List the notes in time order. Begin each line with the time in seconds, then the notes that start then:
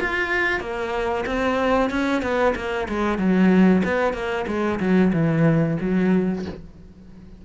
0.00 F4
0.60 A#3
1.26 C4
1.90 C#4
2.22 B3
2.55 A#3
2.88 G#3
3.18 F#3
3.84 B3
4.13 A#3
4.47 G#3
4.80 F#3
5.13 E3
5.80 F#3